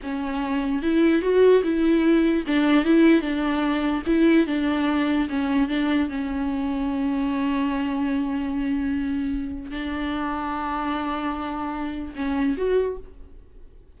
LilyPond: \new Staff \with { instrumentName = "viola" } { \time 4/4 \tempo 4 = 148 cis'2 e'4 fis'4 | e'2 d'4 e'4 | d'2 e'4 d'4~ | d'4 cis'4 d'4 cis'4~ |
cis'1~ | cis'1 | d'1~ | d'2 cis'4 fis'4 | }